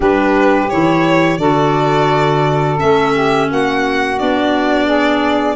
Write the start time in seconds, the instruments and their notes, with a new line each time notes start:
0.00 tuba G3, clarinet D4, saxophone G4, violin B4
0.69 tuba E3, clarinet E4, violin C#5
1.37 tuba D3, clarinet F#4, saxophone A4, violin D5
2.77 tuba A3, clarinet C#4, violin E5
3.12 saxophone G4
3.48 tuba A#3, saxophone F#4, violin F#5
4.18 tuba B3, clarinet D4, violin D5
4.85 saxophone G#4